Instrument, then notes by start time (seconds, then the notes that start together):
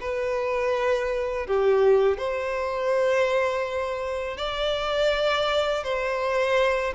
violin
0.00 B4
1.46 G4
2.17 C5
4.37 D5
5.83 C5